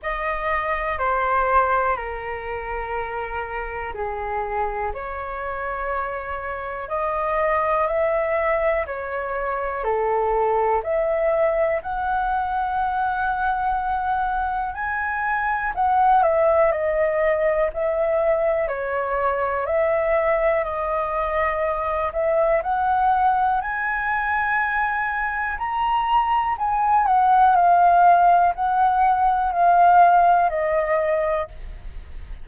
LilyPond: \new Staff \with { instrumentName = "flute" } { \time 4/4 \tempo 4 = 61 dis''4 c''4 ais'2 | gis'4 cis''2 dis''4 | e''4 cis''4 a'4 e''4 | fis''2. gis''4 |
fis''8 e''8 dis''4 e''4 cis''4 | e''4 dis''4. e''8 fis''4 | gis''2 ais''4 gis''8 fis''8 | f''4 fis''4 f''4 dis''4 | }